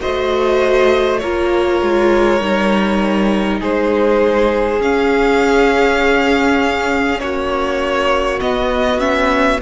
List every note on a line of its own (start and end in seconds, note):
0.00 1.24 A3
0.00 1.20 F#4
0.00 1.21 C5
0.00 1.19 D#5
1.19 1.82 A#3
1.19 2.41 F4
1.19 3.60 A#4
1.19 3.59 C#5
1.82 2.41 G#3
2.41 3.61 G3
2.41 4.80 D#4
3.60 4.80 G#3
3.60 7.20 G#4
3.60 4.82 C5
4.80 7.20 C#4
4.80 8.40 C#4
4.80 7.20 F5
7.20 8.40 A#3
7.20 9.62 F#4
7.20 8.40 C#5
8.40 8.99 B3
8.40 9.62 B3
8.40 9.00 D#5
8.99 9.59 C#4
8.99 9.60 E5